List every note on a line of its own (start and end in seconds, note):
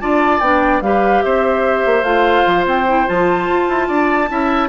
0.00 0.40 D4
0.00 0.41 F4
0.00 0.83 D5
0.00 0.39 A5
0.39 0.81 B3
0.39 0.82 D4
0.39 0.80 G5
0.81 1.22 G3
0.81 2.04 G4
0.81 1.24 B4
0.81 1.22 F5
1.22 1.85 C4
1.22 3.88 C5
1.22 2.03 E5
1.85 2.02 A#3
2.02 2.43 A3
2.02 2.86 F4
2.02 2.65 F5
2.46 2.66 F3
2.66 3.07 C4
2.66 3.08 G5
2.87 3.06 E4
3.06 3.49 F3
3.06 4.28 F4
3.06 4.69 A5
3.49 3.68 F4
3.68 3.89 E4
3.88 4.29 D4
3.88 4.28 D5
4.28 4.69 C#4
4.28 4.69 E4
4.28 4.69 E5